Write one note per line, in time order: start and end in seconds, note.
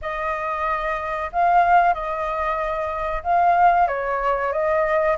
0.01 1.30 D#5
1.32 1.94 F5
1.94 3.23 D#5
3.23 3.87 F5
3.87 4.52 C#5
4.52 5.16 D#5